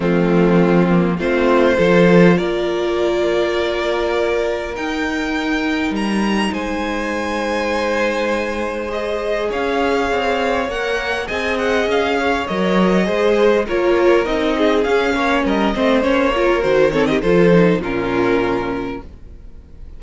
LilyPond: <<
  \new Staff \with { instrumentName = "violin" } { \time 4/4 \tempo 4 = 101 f'2 c''2 | d''1 | g''2 ais''4 gis''4~ | gis''2. dis''4 |
f''2 fis''4 gis''8 fis''8 | f''4 dis''2 cis''4 | dis''4 f''4 dis''4 cis''4 | c''8 cis''16 dis''16 c''4 ais'2 | }
  \new Staff \with { instrumentName = "violin" } { \time 4/4 c'2 f'4 a'4 | ais'1~ | ais'2. c''4~ | c''1 |
cis''2. dis''4~ | dis''8 cis''4. c''4 ais'4~ | ais'8 gis'4 cis''8 ais'8 c''4 ais'8~ | ais'8 a'16 g'16 a'4 f'2 | }
  \new Staff \with { instrumentName = "viola" } { \time 4/4 a4. ais8 c'4 f'4~ | f'1 | dis'1~ | dis'2. gis'4~ |
gis'2 ais'4 gis'4~ | gis'4 ais'4 gis'4 f'4 | dis'4 cis'4. c'8 cis'8 f'8 | fis'8 c'8 f'8 dis'8 cis'2 | }
  \new Staff \with { instrumentName = "cello" } { \time 4/4 f2 a4 f4 | ais1 | dis'2 g4 gis4~ | gis1 |
cis'4 c'4 ais4 c'4 | cis'4 fis4 gis4 ais4 | c'4 cis'8 ais8 g8 a8 ais4 | dis4 f4 ais,2 | }
>>